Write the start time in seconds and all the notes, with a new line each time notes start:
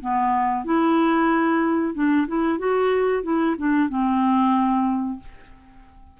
0.00 B3
0.64 E4
1.94 D4
2.27 E4
2.58 F#4
3.23 E4
3.58 D4
3.89 C4